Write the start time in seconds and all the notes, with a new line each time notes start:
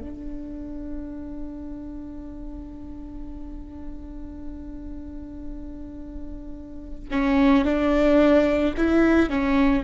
0.00 D4
7.12 C#4
7.65 D4
8.78 E4
9.30 C#4